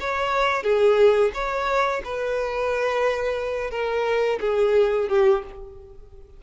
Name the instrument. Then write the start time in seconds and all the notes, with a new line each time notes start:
violin
0.00 C#5
0.63 G#4
1.34 C#5
2.04 B4
3.71 A#4
4.40 G#4
5.09 G4